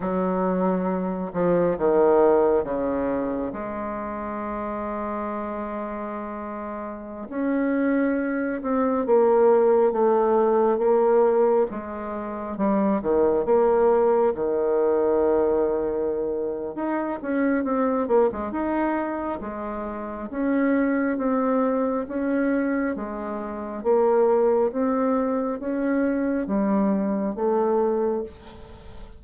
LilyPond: \new Staff \with { instrumentName = "bassoon" } { \time 4/4 \tempo 4 = 68 fis4. f8 dis4 cis4 | gis1~ | gis16 cis'4. c'8 ais4 a8.~ | a16 ais4 gis4 g8 dis8 ais8.~ |
ais16 dis2~ dis8. dis'8 cis'8 | c'8 ais16 gis16 dis'4 gis4 cis'4 | c'4 cis'4 gis4 ais4 | c'4 cis'4 g4 a4 | }